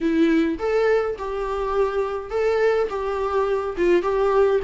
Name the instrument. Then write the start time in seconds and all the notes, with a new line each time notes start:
viola
0.01 E4
0.58 A4
1.18 G4
2.30 A4
2.89 G4
3.77 F4
4.02 G4